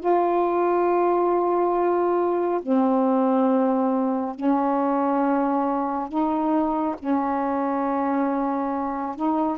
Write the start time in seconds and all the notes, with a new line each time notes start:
0.00 F4
2.62 C4
4.35 C#4
6.09 D#4
6.99 C#4
9.16 D#4